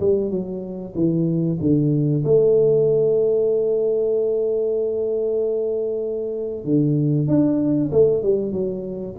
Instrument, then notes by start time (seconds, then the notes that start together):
tuba
0.00 G3
0.30 F#3
0.95 E3
1.60 D3
2.24 A3
6.64 D3
7.27 D4
7.91 A3
8.23 G3
8.52 F#3